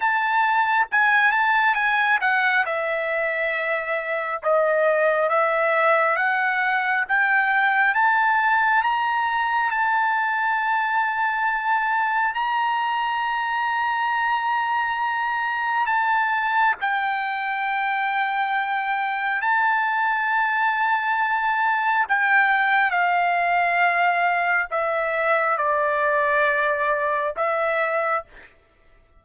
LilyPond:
\new Staff \with { instrumentName = "trumpet" } { \time 4/4 \tempo 4 = 68 a''4 gis''8 a''8 gis''8 fis''8 e''4~ | e''4 dis''4 e''4 fis''4 | g''4 a''4 ais''4 a''4~ | a''2 ais''2~ |
ais''2 a''4 g''4~ | g''2 a''2~ | a''4 g''4 f''2 | e''4 d''2 e''4 | }